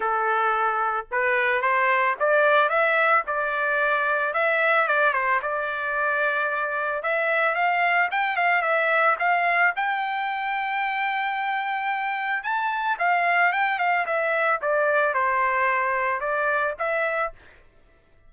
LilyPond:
\new Staff \with { instrumentName = "trumpet" } { \time 4/4 \tempo 4 = 111 a'2 b'4 c''4 | d''4 e''4 d''2 | e''4 d''8 c''8 d''2~ | d''4 e''4 f''4 g''8 f''8 |
e''4 f''4 g''2~ | g''2. a''4 | f''4 g''8 f''8 e''4 d''4 | c''2 d''4 e''4 | }